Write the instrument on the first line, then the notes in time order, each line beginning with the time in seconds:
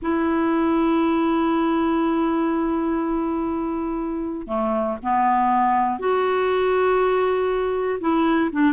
clarinet
0.02 E4
4.47 A3
5.02 B3
5.99 F#4
8.00 E4
8.52 D4